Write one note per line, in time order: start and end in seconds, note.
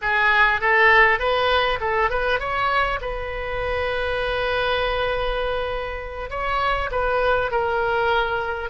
0.01 0.61 G#4
0.61 1.19 A4
1.19 1.79 B4
1.80 2.10 A4
2.10 2.39 B4
2.39 2.99 C#5
3.01 6.30 B4
6.30 6.90 C#5
6.91 7.51 B4
7.51 8.69 A#4